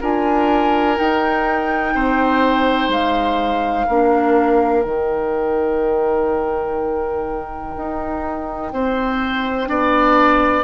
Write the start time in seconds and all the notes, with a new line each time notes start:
0.00 D4 F4 A#4 G#5
0.96 D#4 G5
1.95 C4 C5
2.89 G#3 F5
3.87 A#3 D4 A#4
4.83 D#3 D#4 G5
7.76 D#4
8.72 C4 C5
9.66 B3 D4 D5